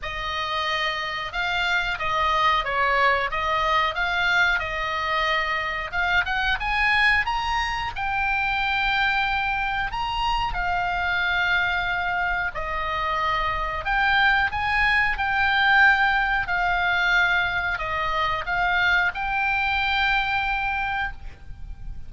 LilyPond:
\new Staff \with { instrumentName = "oboe" } { \time 4/4 \tempo 4 = 91 dis''2 f''4 dis''4 | cis''4 dis''4 f''4 dis''4~ | dis''4 f''8 fis''8 gis''4 ais''4 | g''2. ais''4 |
f''2. dis''4~ | dis''4 g''4 gis''4 g''4~ | g''4 f''2 dis''4 | f''4 g''2. | }